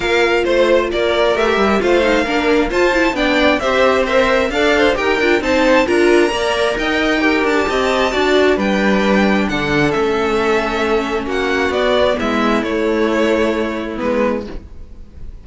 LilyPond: <<
  \new Staff \with { instrumentName = "violin" } { \time 4/4 \tempo 4 = 133 f''4 c''4 d''4 e''4 | f''2 a''4 g''4 | e''4 c''4 f''4 g''4 | a''4 ais''2 g''4~ |
g''8 a''2~ a''8 g''4~ | g''4 fis''4 e''2~ | e''4 fis''4 d''4 e''4 | cis''2. b'4 | }
  \new Staff \with { instrumentName = "violin" } { \time 4/4 ais'4 c''4 ais'2 | c''4 ais'4 c''4 d''4 | c''4 e''4 d''8 c''8 ais'4 | c''4 ais'4 d''4 dis''4 |
ais'4 dis''4 d''4 b'4~ | b'4 a'2.~ | a'4 fis'2 e'4~ | e'1 | }
  \new Staff \with { instrumentName = "viola" } { \time 4/4 f'2. g'4 | f'8 dis'8 d'4 f'8 e'8 d'4 | g'4 ais'4 a'4 g'8 f'8 | dis'4 f'4 ais'2 |
g'2 fis'4 d'4~ | d'2 cis'2~ | cis'2 b2 | a2. b4 | }
  \new Staff \with { instrumentName = "cello" } { \time 4/4 ais4 a4 ais4 a8 g8 | a4 ais4 f'4 b4 | c'2 d'4 dis'8 d'8 | c'4 d'4 ais4 dis'4~ |
dis'8 d'8 c'4 d'4 g4~ | g4 d4 a2~ | a4 ais4 b4 gis4 | a2. gis4 | }
>>